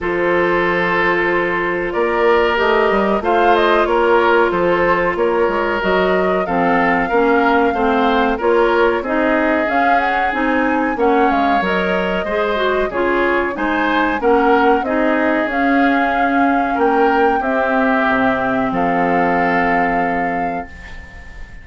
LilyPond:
<<
  \new Staff \with { instrumentName = "flute" } { \time 4/4 \tempo 4 = 93 c''2. d''4 | dis''4 f''8 dis''8 cis''4 c''4 | cis''4 dis''4 f''2~ | f''4 cis''4 dis''4 f''8 fis''8 |
gis''4 fis''8 f''8 dis''2 | cis''4 gis''4 fis''4 dis''4 | f''2 g''4 e''4~ | e''4 f''2. | }
  \new Staff \with { instrumentName = "oboe" } { \time 4/4 a'2. ais'4~ | ais'4 c''4 ais'4 a'4 | ais'2 a'4 ais'4 | c''4 ais'4 gis'2~ |
gis'4 cis''2 c''4 | gis'4 c''4 ais'4 gis'4~ | gis'2 ais'4 g'4~ | g'4 a'2. | }
  \new Staff \with { instrumentName = "clarinet" } { \time 4/4 f'1 | g'4 f'2.~ | f'4 fis'4 c'4 cis'4 | c'4 f'4 dis'4 cis'4 |
dis'4 cis'4 ais'4 gis'8 fis'8 | f'4 dis'4 cis'4 dis'4 | cis'2. c'4~ | c'1 | }
  \new Staff \with { instrumentName = "bassoon" } { \time 4/4 f2. ais4 | a8 g8 a4 ais4 f4 | ais8 gis8 fis4 f4 ais4 | a4 ais4 c'4 cis'4 |
c'4 ais8 gis8 fis4 gis4 | cis4 gis4 ais4 c'4 | cis'2 ais4 c'4 | c4 f2. | }
>>